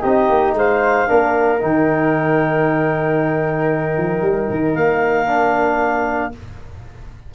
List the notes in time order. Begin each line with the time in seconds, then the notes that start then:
0.00 C4 D#4 G4 D#5
0.29 A#3
0.54 G#3 C5 F5
1.07 A#3 D4 A#4
1.59 D#3 D#4 G5
3.97 F3
4.22 G3
4.50 D#3
4.74 A#3 F5
5.27 D4